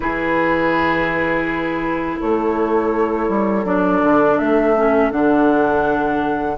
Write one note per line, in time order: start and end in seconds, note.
0.00 2.18 E3
0.00 3.65 E4
0.00 2.19 G#4
0.00 2.19 B4
2.19 3.29 A3
2.19 6.58 A4
2.19 3.65 C#5
3.29 3.64 G3
3.64 4.01 F#3
3.64 4.75 D4
3.64 4.38 D5
4.02 4.39 D3
4.38 5.11 A3
4.38 5.11 E5
4.76 5.11 C#4
5.11 6.57 D3
5.11 6.57 D4
5.11 6.58 F#5